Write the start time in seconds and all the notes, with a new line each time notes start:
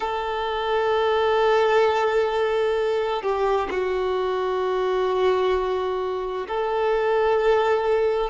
0.00 A4
3.22 G4
3.70 F#4
6.47 A4